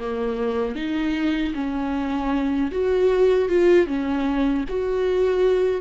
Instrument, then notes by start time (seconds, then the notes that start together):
viola
0.00 A#3
0.76 D#4
1.55 C#4
2.72 F#4
3.49 F4
3.87 C#4
4.69 F#4